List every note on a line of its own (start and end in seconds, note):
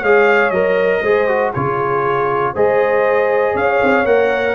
0.00 0.51 G#3
0.00 0.53 G#4
0.00 1.01 C#5
0.00 0.50 F5
0.50 1.01 F#3
0.50 1.04 A#4
0.50 1.51 D#5
1.01 1.52 G#3
1.01 1.28 G#4
1.01 1.52 C5
1.28 1.53 F#4
1.53 2.55 C#3
1.53 2.55 F4
1.53 2.53 G#4
1.53 2.54 C#5
2.53 3.55 G#3
2.53 4.06 G#4
2.53 3.54 C5
2.53 3.56 D#5
3.54 3.80 C#4
3.54 4.54 C#5
3.54 4.06 F5
3.82 4.04 C4
4.04 4.54 A#3
4.04 4.54 A#4
4.04 4.54 F#5